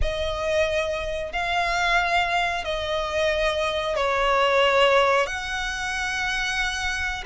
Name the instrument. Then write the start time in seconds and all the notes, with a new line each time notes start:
violin
0.01 D#5
1.32 F5
2.64 D#5
3.96 C#5
5.26 F#5